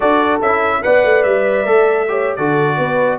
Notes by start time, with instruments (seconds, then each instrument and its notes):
0.00 tuba D4, trombone F#4, horn A4, trumpet D5
0.40 tuba C#4, trombone E4, trumpet E5
0.82 tuba B3, trombone B4, horn D5, trumpet F#5
1.04 tuba A3
1.23 tuba G3, trumpet E5
1.65 tuba A3, trombone A4
2.08 trombone G4, horn C#5
2.36 tuba D3, trombone F#4, horn A4, trumpet D5
2.76 tuba B3, horn B4